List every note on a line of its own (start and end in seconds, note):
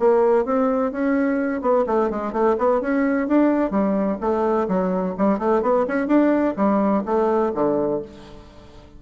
0.00 0.45 A#3
0.45 0.92 C4
0.92 1.62 C#4
1.62 1.86 B3
1.87 2.10 A3
2.10 2.33 G#3
2.33 2.57 A3
2.59 2.82 B3
2.82 3.28 C#4
3.28 3.71 D4
3.71 4.18 G3
4.21 4.68 A3
4.69 5.16 F#3
5.18 5.39 G3
5.39 5.62 A3
5.62 5.86 B3
5.88 6.08 C#4
6.08 6.55 D4
6.57 7.04 G3
7.06 7.53 A3
7.55 8.02 D3